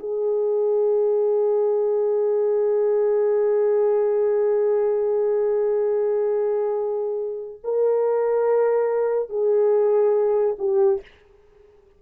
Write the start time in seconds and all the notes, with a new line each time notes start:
0.00 G#4
7.64 A#4
9.30 G#4
10.59 G4